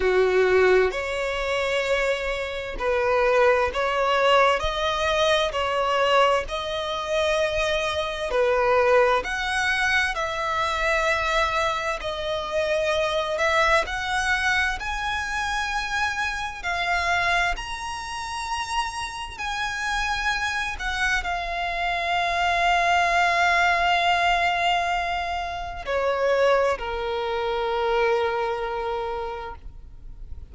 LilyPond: \new Staff \with { instrumentName = "violin" } { \time 4/4 \tempo 4 = 65 fis'4 cis''2 b'4 | cis''4 dis''4 cis''4 dis''4~ | dis''4 b'4 fis''4 e''4~ | e''4 dis''4. e''8 fis''4 |
gis''2 f''4 ais''4~ | ais''4 gis''4. fis''8 f''4~ | f''1 | cis''4 ais'2. | }